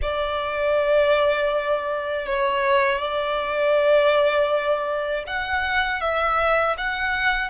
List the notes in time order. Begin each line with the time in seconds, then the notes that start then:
0.01 D5
2.26 C#5
2.98 D5
5.26 F#5
6.00 E5
6.77 F#5